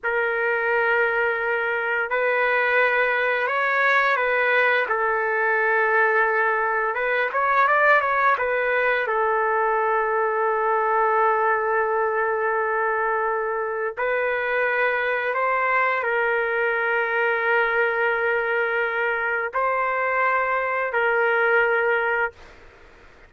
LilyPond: \new Staff \with { instrumentName = "trumpet" } { \time 4/4 \tempo 4 = 86 ais'2. b'4~ | b'4 cis''4 b'4 a'4~ | a'2 b'8 cis''8 d''8 cis''8 | b'4 a'2.~ |
a'1 | b'2 c''4 ais'4~ | ais'1 | c''2 ais'2 | }